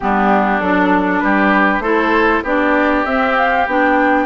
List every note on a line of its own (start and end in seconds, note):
0.00 0.60 G3
0.00 0.62 B3
0.00 1.23 D4
0.00 0.60 G4
0.60 1.22 F#3
0.60 1.83 D4
0.60 1.20 A4
1.20 1.79 G3
1.20 1.82 G4
1.20 1.81 B4
1.79 2.40 A3
1.79 2.44 E4
1.79 2.43 A4
1.79 2.42 C5
2.43 3.04 B3
2.43 3.06 D4
2.43 4.25 G4
2.43 3.05 D5
3.05 3.66 C4
3.05 3.67 C4
3.05 3.36 E5
3.37 3.67 F5
3.66 4.25 B3
3.66 4.25 D4
3.66 4.25 G5